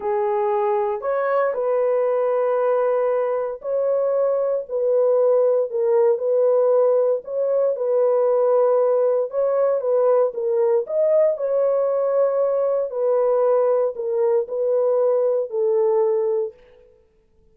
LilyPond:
\new Staff \with { instrumentName = "horn" } { \time 4/4 \tempo 4 = 116 gis'2 cis''4 b'4~ | b'2. cis''4~ | cis''4 b'2 ais'4 | b'2 cis''4 b'4~ |
b'2 cis''4 b'4 | ais'4 dis''4 cis''2~ | cis''4 b'2 ais'4 | b'2 a'2 | }